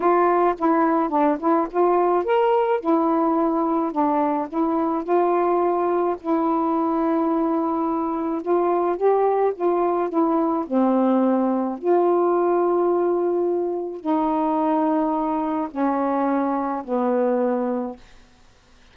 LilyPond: \new Staff \with { instrumentName = "saxophone" } { \time 4/4 \tempo 4 = 107 f'4 e'4 d'8 e'8 f'4 | ais'4 e'2 d'4 | e'4 f'2 e'4~ | e'2. f'4 |
g'4 f'4 e'4 c'4~ | c'4 f'2.~ | f'4 dis'2. | cis'2 b2 | }